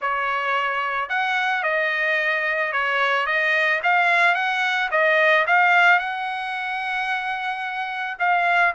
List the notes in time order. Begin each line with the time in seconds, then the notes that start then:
0.01 C#5
1.09 F#5
1.63 D#5
2.72 C#5
3.26 D#5
3.83 F5
4.34 F#5
4.91 D#5
5.47 F5
5.99 F#5
8.19 F5